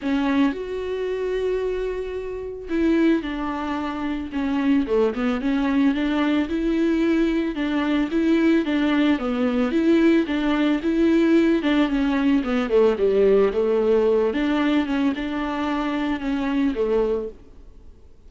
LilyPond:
\new Staff \with { instrumentName = "viola" } { \time 4/4 \tempo 4 = 111 cis'4 fis'2.~ | fis'4 e'4 d'2 | cis'4 a8 b8 cis'4 d'4 | e'2 d'4 e'4 |
d'4 b4 e'4 d'4 | e'4. d'8 cis'4 b8 a8 | g4 a4. d'4 cis'8 | d'2 cis'4 a4 | }